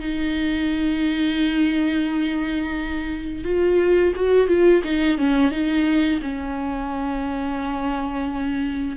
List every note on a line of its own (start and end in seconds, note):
0.00 3.45 D#4
3.45 4.13 F4
4.15 4.48 F#4
4.48 4.82 F4
4.84 5.18 D#4
5.18 5.51 C#4
5.51 6.20 D#4
6.22 8.97 C#4